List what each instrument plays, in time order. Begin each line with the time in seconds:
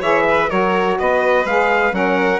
0.00 bassoon E3, saxophone G#4, violin C#5, trumpet E5
0.29 violin B4
0.48 bassoon F#3, saxophone F#4, violin A#4, trumpet C#5
0.98 bassoon B3, violin B4, trumpet D#5
1.45 bassoon G#3, saxophone G#4, trumpet F5
1.91 bassoon F#3, saxophone C#4, violin A#4, trumpet F#5